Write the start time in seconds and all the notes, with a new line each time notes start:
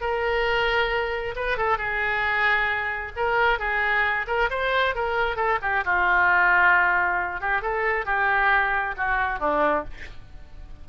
0.00 A#4
1.36 B4
1.57 A4
1.77 G#4
3.16 A#4
3.59 G#4
4.27 A#4
4.50 C5
4.95 A#4
5.36 A4
5.61 G4
5.84 F4
7.40 G4
7.61 A4
8.05 G4
8.97 F#4
9.39 D4